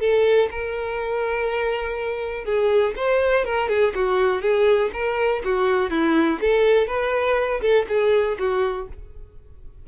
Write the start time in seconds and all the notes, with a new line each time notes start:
0.00 A4
0.51 A#4
2.45 G#4
2.96 C5
3.45 A#4
3.69 G#4
3.95 F#4
4.42 G#4
4.93 A#4
5.45 F#4
5.90 E4
6.41 A4
6.87 B4
7.61 A4
7.88 G#4
8.39 F#4